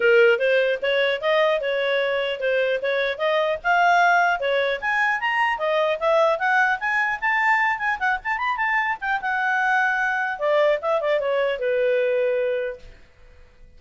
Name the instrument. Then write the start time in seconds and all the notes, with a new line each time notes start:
clarinet
0.00 A#4
0.38 C5
0.82 C#5
1.21 D#5
1.60 C#5
2.40 C5
2.82 C#5
3.18 D#5
3.63 F5
4.39 C#5
4.80 G#5
5.20 A#5
5.58 D#5
5.99 E5
6.39 F#5
6.79 G#5
7.21 A5
7.78 G#5
7.99 F#5
8.23 A5
8.38 B5
8.57 A5
9.00 G5
9.21 F#5
10.38 D5
10.81 E5
11.01 D5
11.19 C#5
11.59 B4